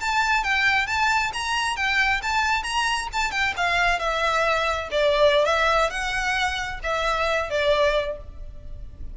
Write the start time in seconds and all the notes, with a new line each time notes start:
0.00 A5
0.44 G5
0.86 A5
1.33 A#5
1.76 G5
2.22 A5
2.63 A#5
3.13 A5
3.31 G5
3.56 F5
3.99 E5
4.91 D5
5.45 E5
5.90 F#5
6.83 E5
7.50 D5